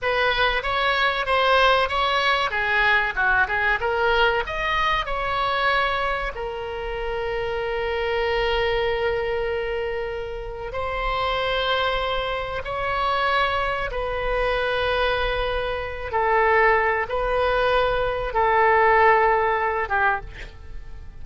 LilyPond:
\new Staff \with { instrumentName = "oboe" } { \time 4/4 \tempo 4 = 95 b'4 cis''4 c''4 cis''4 | gis'4 fis'8 gis'8 ais'4 dis''4 | cis''2 ais'2~ | ais'1~ |
ais'4 c''2. | cis''2 b'2~ | b'4. a'4. b'4~ | b'4 a'2~ a'8 g'8 | }